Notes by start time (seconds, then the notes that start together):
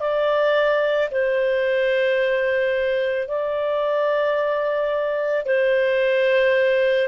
0.00 D5
1.12 C5
3.28 D5
5.46 C5